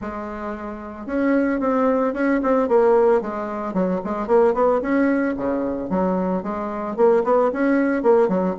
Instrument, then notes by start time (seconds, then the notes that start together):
bassoon
0.01 G#3
1.06 C#4
1.60 C4
2.13 C#4
2.43 C4
2.68 A#3
3.21 G#3
3.73 F#3
4.04 G#3
4.27 A#3
4.54 B3
4.81 C#4
5.36 C#3
5.89 F#3
6.42 G#3
6.96 A#3
7.23 B3
7.52 C#4
8.03 A#3
8.28 F#3